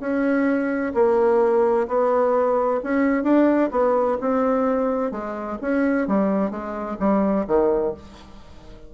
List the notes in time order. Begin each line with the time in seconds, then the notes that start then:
0.00 C#4
0.94 A#3
1.88 B3
2.84 C#4
3.23 D4
3.71 B3
4.21 C4
5.11 G#3
5.62 C#4
6.07 G3
6.51 G#3
6.99 G3
7.47 D#3